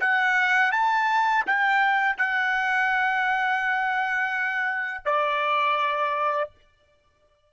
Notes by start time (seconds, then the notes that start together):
0.00 F#5
0.72 A5
1.47 G5
2.18 F#5
5.05 D5